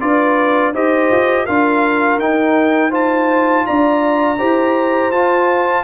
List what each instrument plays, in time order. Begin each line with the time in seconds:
0.00 tuba D4, trombone F4, horn B4, trumpet D5
0.73 tuba D#4, trombone G4, horn C5, trumpet D#5
1.11 tuba F4
1.45 tuba D4, trombone F4, horn A#4, trumpet F5
2.18 tuba D#4, trombone D#4, trumpet G5
2.90 trombone F4, horn C5, trumpet A5
3.66 tuba D4, horn D5, trumpet A#5
4.38 tuba E4, trombone G4, horn C5
5.11 tuba F4, trombone F4, trumpet A5